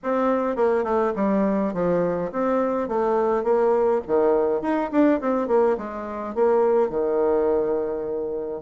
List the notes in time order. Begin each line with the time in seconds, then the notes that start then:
0.03 C4
0.56 A#3
0.84 A3
1.15 G3
1.73 F3
2.32 C4
2.88 A3
3.43 A#3
4.07 D#3
4.61 D#4
4.91 D4
5.21 C4
5.47 A#3
5.77 G#3
6.35 A#3
6.89 D#3